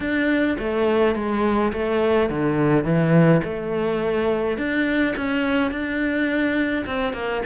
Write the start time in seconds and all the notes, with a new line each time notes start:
0.00 D4
0.58 A3
1.15 G#3
1.72 A3
2.29 D3
2.84 E3
3.43 A3
4.57 D4
5.16 C#4
5.71 D4
6.86 C4
7.13 A#3